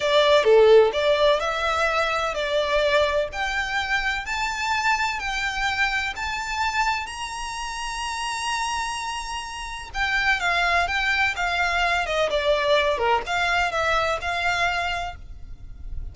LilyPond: \new Staff \with { instrumentName = "violin" } { \time 4/4 \tempo 4 = 127 d''4 a'4 d''4 e''4~ | e''4 d''2 g''4~ | g''4 a''2 g''4~ | g''4 a''2 ais''4~ |
ais''1~ | ais''4 g''4 f''4 g''4 | f''4. dis''8 d''4. ais'8 | f''4 e''4 f''2 | }